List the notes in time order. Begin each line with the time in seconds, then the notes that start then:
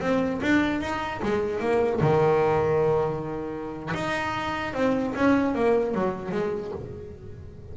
0.00 C4
0.42 D4
0.81 D#4
1.22 G#3
1.60 A#3
2.01 D#3
3.94 D#4
4.74 C4
5.15 C#4
5.55 A#3
5.95 F#3
6.32 G#3